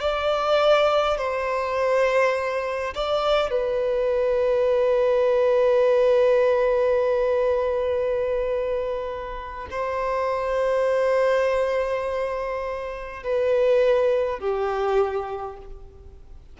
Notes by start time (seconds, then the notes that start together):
0.00 D5
1.17 C5
2.95 D5
3.50 B4
9.70 C5
13.23 B4
14.40 G4